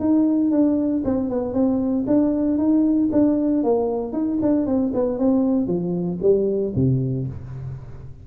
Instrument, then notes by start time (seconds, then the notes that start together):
tuba
0.00 D#4
0.51 D4
1.05 C4
1.30 B3
1.54 C4
2.07 D4
2.58 D#4
3.12 D4
3.63 A#3
4.13 D#4
4.42 D4
4.66 C4
4.94 B3
5.19 C4
5.67 F3
6.22 G3
6.75 C3